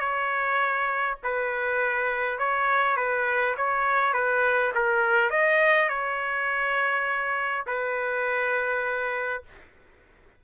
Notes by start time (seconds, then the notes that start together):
0.00 C#5
1.24 B4
2.39 C#5
2.97 B4
3.57 C#5
4.13 B4
4.75 A#4
5.30 D#5
5.89 C#5
7.67 B4